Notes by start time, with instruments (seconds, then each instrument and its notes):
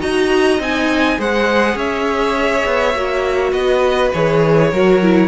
0.00 cello D#4, viola F#4, violin D#5 A#5
0.59 cello C4, viola D#4, violin G#5
1.18 cello G#3, viola G#4, violin C5 F#5
1.75 cello C#4, violin C#5 E5
2.65 cello B3
2.94 cello A#3, viola F#4
3.51 cello B3, violin B4 D#5
4.13 cello E3, viola G#4, violin C#5
4.71 cello F#3, viola F#4, violin A#4
5.02 viola E4